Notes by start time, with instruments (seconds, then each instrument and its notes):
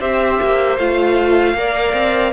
0.00 cello C4, viola G4, violin C5 E5
0.42 cello A#3
0.78 cello A3, viola F4, violin F5
1.54 cello A#3, viola A#4, violin D5
1.94 cello C4